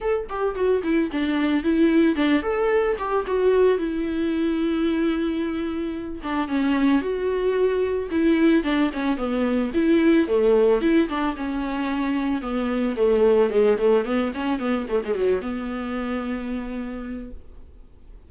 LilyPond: \new Staff \with { instrumentName = "viola" } { \time 4/4 \tempo 4 = 111 a'8 g'8 fis'8 e'8 d'4 e'4 | d'8 a'4 g'8 fis'4 e'4~ | e'2.~ e'8 d'8 | cis'4 fis'2 e'4 |
d'8 cis'8 b4 e'4 a4 | e'8 d'8 cis'2 b4 | a4 gis8 a8 b8 cis'8 b8 a16 gis16 | fis8 b2.~ b8 | }